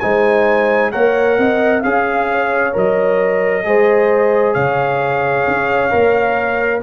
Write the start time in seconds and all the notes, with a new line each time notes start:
0.00 G#3 D#4 C5 G#5
0.92 A#3 A#4 C#5 F#5
1.38 C4 D#5
1.81 C#4 G#4 F5
2.31 C#5
2.73 F#3 A#4 D#5
3.64 G#3 G#4 C5
4.54 C#3 C#5 F5
5.47 C#4
5.90 A#3 A#4